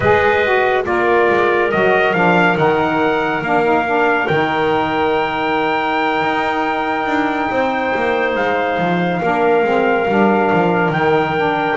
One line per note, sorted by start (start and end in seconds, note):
0.00 0.85 G#3
0.00 0.44 G#4
0.00 0.84 B4
0.00 0.84 D#5
0.44 0.83 F#4
0.83 1.29 A#3
0.83 1.69 F4
0.83 7.50 A#4
0.83 1.71 D5
1.29 1.72 G#3
1.71 2.13 F#3
1.71 2.14 F#4
1.71 2.13 D#5
2.13 2.56 F3
2.13 2.56 D4
2.13 2.56 F5
2.56 3.41 D#3
2.56 3.42 D#4
2.56 3.43 F#5
3.41 4.26 A#3
3.41 3.63 D4
3.41 4.27 F5
3.63 3.84 D#4
3.85 4.28 D4
4.27 6.21 D#3
4.27 9.22 D#4
4.27 8.34 G5
6.21 7.06 D#4
7.06 7.49 D4
7.50 7.93 C4
7.50 9.20 C5
7.95 8.35 A#3
8.35 8.77 G#3
8.35 10.92 F5
8.78 9.21 F3
9.20 9.63 A#3
9.20 9.63 D4
9.20 11.76 A#4
9.63 10.06 G#3
9.63 10.06 C4
10.08 10.51 G3
10.08 10.94 D4
10.52 10.89 F3
10.89 11.74 D#3
10.89 11.36 D#4
10.89 11.76 G5
11.36 11.76 D4